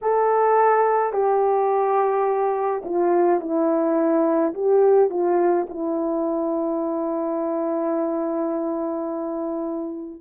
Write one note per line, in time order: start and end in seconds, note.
0.01 1.13 A4
1.13 2.83 G4
2.85 3.40 F4
3.40 4.53 E4
4.54 5.09 G4
5.09 5.66 F4
5.69 10.21 E4